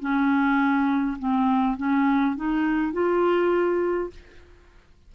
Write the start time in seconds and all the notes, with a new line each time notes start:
0.00 C#4
1.19 C4
1.77 C#4
2.36 D#4
2.93 F4